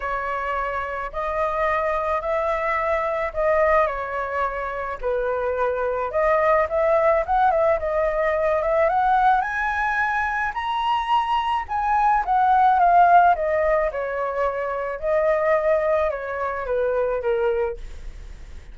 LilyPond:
\new Staff \with { instrumentName = "flute" } { \time 4/4 \tempo 4 = 108 cis''2 dis''2 | e''2 dis''4 cis''4~ | cis''4 b'2 dis''4 | e''4 fis''8 e''8 dis''4. e''8 |
fis''4 gis''2 ais''4~ | ais''4 gis''4 fis''4 f''4 | dis''4 cis''2 dis''4~ | dis''4 cis''4 b'4 ais'4 | }